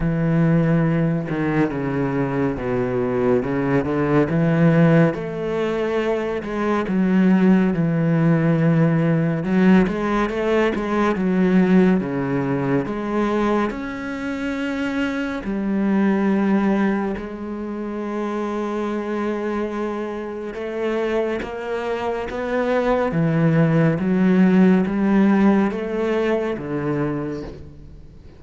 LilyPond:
\new Staff \with { instrumentName = "cello" } { \time 4/4 \tempo 4 = 70 e4. dis8 cis4 b,4 | cis8 d8 e4 a4. gis8 | fis4 e2 fis8 gis8 | a8 gis8 fis4 cis4 gis4 |
cis'2 g2 | gis1 | a4 ais4 b4 e4 | fis4 g4 a4 d4 | }